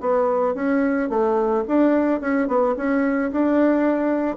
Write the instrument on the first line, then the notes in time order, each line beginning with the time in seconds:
bassoon
0.00 B3
0.55 C#4
1.09 A3
1.68 D4
2.21 C#4
2.47 B3
2.77 C#4
3.31 D4